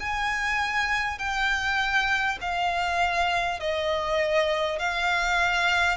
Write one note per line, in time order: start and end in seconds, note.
0.00 1.18 G#5
1.18 2.38 G5
2.41 3.60 F5
3.60 4.79 D#5
4.79 5.97 F5